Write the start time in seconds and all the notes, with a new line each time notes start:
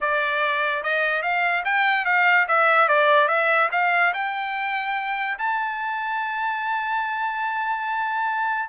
0.01 D5
0.83 D#5
1.22 F5
1.65 G5
2.05 F5
2.48 E5
2.88 D5
3.28 E5
3.71 F5
4.13 G5
5.38 A5